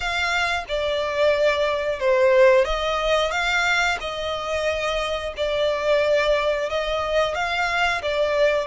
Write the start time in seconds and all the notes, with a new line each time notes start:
0.00 F5
0.68 D5
1.99 C5
2.65 D#5
3.31 F5
4.00 D#5
5.36 D5
6.69 D#5
7.35 F5
8.02 D5